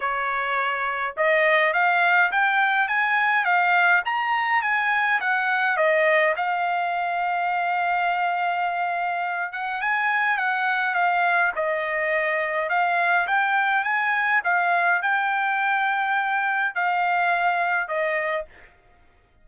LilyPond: \new Staff \with { instrumentName = "trumpet" } { \time 4/4 \tempo 4 = 104 cis''2 dis''4 f''4 | g''4 gis''4 f''4 ais''4 | gis''4 fis''4 dis''4 f''4~ | f''1~ |
f''8 fis''8 gis''4 fis''4 f''4 | dis''2 f''4 g''4 | gis''4 f''4 g''2~ | g''4 f''2 dis''4 | }